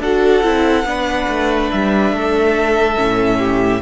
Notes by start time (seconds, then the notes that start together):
0.00 D4 F#4 A4 F#5
0.44 C4 E4
0.85 B3 D4 B4
1.29 A3
1.72 G3 E5
2.12 A3 A4
2.96 A2 C#4
3.39 G4